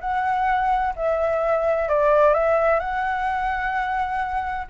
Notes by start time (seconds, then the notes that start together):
0.00 F#5
0.96 E5
1.89 D5
2.34 E5
2.79 F#5